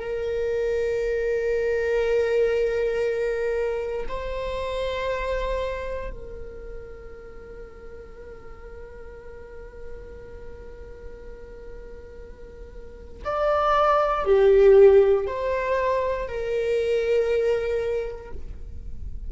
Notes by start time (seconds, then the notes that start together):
0.00 A#4
4.08 C5
6.10 A#4
13.24 D5
14.25 G4
15.27 C5
16.28 A#4